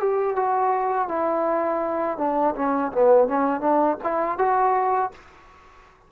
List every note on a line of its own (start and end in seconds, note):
0.00 0.36 G4
0.36 1.08 F#4
1.08 2.18 E4
2.18 2.55 D4
2.56 2.92 C#4
2.92 3.28 B3
3.28 3.61 C#4
3.61 3.97 D4
4.04 4.39 E4
4.39 5.12 F#4